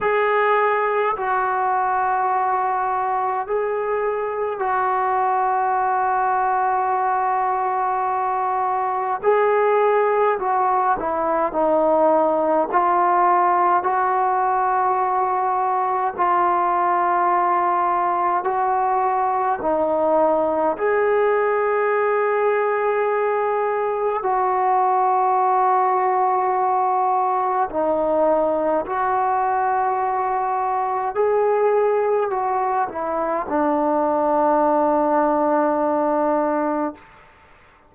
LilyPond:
\new Staff \with { instrumentName = "trombone" } { \time 4/4 \tempo 4 = 52 gis'4 fis'2 gis'4 | fis'1 | gis'4 fis'8 e'8 dis'4 f'4 | fis'2 f'2 |
fis'4 dis'4 gis'2~ | gis'4 fis'2. | dis'4 fis'2 gis'4 | fis'8 e'8 d'2. | }